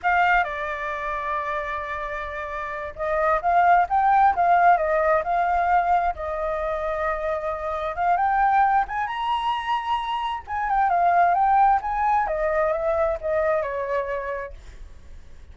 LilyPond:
\new Staff \with { instrumentName = "flute" } { \time 4/4 \tempo 4 = 132 f''4 d''2.~ | d''2~ d''8 dis''4 f''8~ | f''8 g''4 f''4 dis''4 f''8~ | f''4. dis''2~ dis''8~ |
dis''4. f''8 g''4. gis''8 | ais''2. gis''8 g''8 | f''4 g''4 gis''4 dis''4 | e''4 dis''4 cis''2 | }